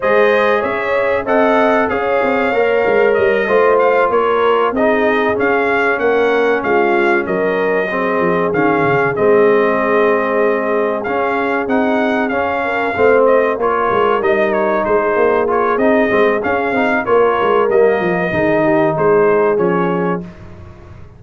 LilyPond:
<<
  \new Staff \with { instrumentName = "trumpet" } { \time 4/4 \tempo 4 = 95 dis''4 e''4 fis''4 f''4~ | f''4 dis''4 f''8 cis''4 dis''8~ | dis''8 f''4 fis''4 f''4 dis''8~ | dis''4. f''4 dis''4.~ |
dis''4. f''4 fis''4 f''8~ | f''4 dis''8 cis''4 dis''8 cis''8 c''8~ | c''8 cis''8 dis''4 f''4 cis''4 | dis''2 c''4 cis''4 | }
  \new Staff \with { instrumentName = "horn" } { \time 4/4 c''4 cis''4 dis''4 cis''4~ | cis''4. c''4 ais'4 gis'8~ | gis'4. ais'4 f'4 ais'8~ | ais'8 gis'2.~ gis'8~ |
gis'1 | ais'8 c''4 ais'2 gis'8~ | gis'2. ais'4~ | ais'4 gis'8 g'8 gis'2 | }
  \new Staff \with { instrumentName = "trombone" } { \time 4/4 gis'2 a'4 gis'4 | ais'4. f'2 dis'8~ | dis'8 cis'2.~ cis'8~ | cis'8 c'4 cis'4 c'4.~ |
c'4. cis'4 dis'4 cis'8~ | cis'8 c'4 f'4 dis'4.~ | dis'8 f'8 dis'8 c'8 cis'8 dis'8 f'4 | ais4 dis'2 cis'4 | }
  \new Staff \with { instrumentName = "tuba" } { \time 4/4 gis4 cis'4 c'4 cis'8 c'8 | ais8 gis8 g8 a4 ais4 c'8~ | c'8 cis'4 ais4 gis4 fis8~ | fis4 f8 dis8 cis8 gis4.~ |
gis4. cis'4 c'4 cis'8~ | cis'8 a4 ais8 gis8 g4 gis8 | ais4 c'8 gis8 cis'8 c'8 ais8 gis8 | g8 f8 dis4 gis4 f4 | }
>>